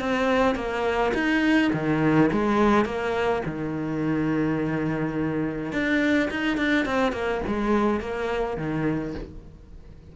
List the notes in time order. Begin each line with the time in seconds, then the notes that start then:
0.00 C4
0.55 A#3
1.14 D#4
1.73 D#3
2.32 G#3
2.85 A#3
3.45 D#3
5.72 D4
6.30 D#4
6.57 D4
6.85 C4
7.12 A#3
7.47 G#3
8.01 A#3
8.57 D#3